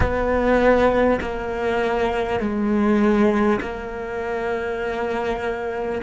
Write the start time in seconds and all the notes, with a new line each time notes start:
0.00 B3
1.20 A#3
2.40 G#3
3.61 A#3